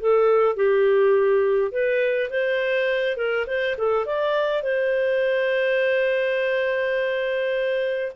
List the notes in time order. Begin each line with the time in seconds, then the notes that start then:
0.00 A4
0.56 G4
1.72 B4
2.30 C5
3.17 A#4
3.47 C5
3.77 A4
4.05 D5
4.63 C5